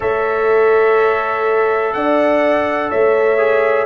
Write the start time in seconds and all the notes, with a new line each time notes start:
0.00 A3 A4 C#5 E5
1.93 D4 D5 F#5
2.90 A3 C#5 E5
3.38 G#4